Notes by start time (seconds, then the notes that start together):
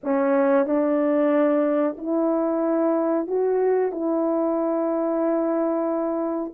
0.03 C#4
0.66 D4
1.97 E4
3.27 F#4
3.91 E4